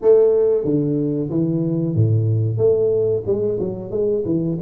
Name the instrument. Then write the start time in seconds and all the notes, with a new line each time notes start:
tuba
0.01 A3
0.64 D3
1.30 E3
1.95 A2
2.57 A3
3.26 G#3
3.59 F#3
3.90 G#3
4.25 E3